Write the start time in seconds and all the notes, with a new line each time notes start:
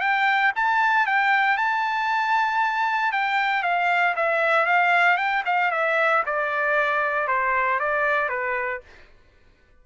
0.00 G5
0.55 A5
1.06 G5
1.57 A5
3.12 G5
3.63 F5
4.16 E5
4.66 F5
5.17 G5
5.45 F5
5.71 E5
6.25 D5
7.27 C5
7.79 D5
8.29 B4